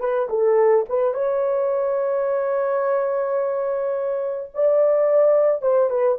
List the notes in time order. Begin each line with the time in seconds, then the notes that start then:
0.00 B4
0.29 A4
0.89 B4
1.14 C#5
4.54 D5
5.62 C5
5.90 B4